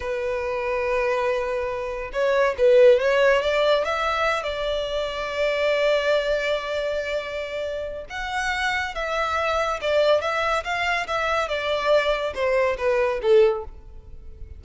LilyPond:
\new Staff \with { instrumentName = "violin" } { \time 4/4 \tempo 4 = 141 b'1~ | b'4 cis''4 b'4 cis''4 | d''4 e''4. d''4.~ | d''1~ |
d''2. fis''4~ | fis''4 e''2 d''4 | e''4 f''4 e''4 d''4~ | d''4 c''4 b'4 a'4 | }